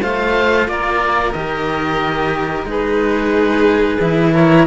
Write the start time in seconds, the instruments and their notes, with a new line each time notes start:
0.00 cello A3 F4, violin C5, oboe F5
0.67 cello A#3, violin A#4, oboe D5
1.32 cello D#3 G4, oboe D#5
2.64 cello G#3 D#4, violin G#4, oboe B4
4.00 cello E3 E4
4.33 violin A#4, oboe C#5